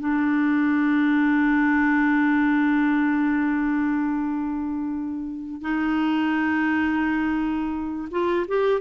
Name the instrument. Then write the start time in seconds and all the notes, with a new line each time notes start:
clarinet
0.00 D4
5.62 D#4
8.11 F4
8.48 G4